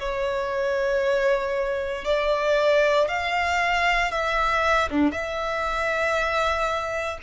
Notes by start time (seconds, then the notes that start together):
0.00 C#5
2.05 D5
3.09 F5
4.12 E5
4.90 D4
5.12 E5